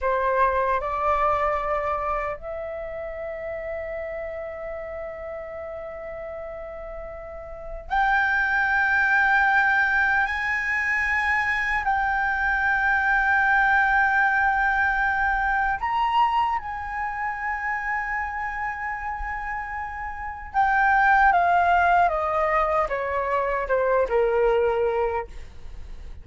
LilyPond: \new Staff \with { instrumentName = "flute" } { \time 4/4 \tempo 4 = 76 c''4 d''2 e''4~ | e''1~ | e''2 g''2~ | g''4 gis''2 g''4~ |
g''1 | ais''4 gis''2.~ | gis''2 g''4 f''4 | dis''4 cis''4 c''8 ais'4. | }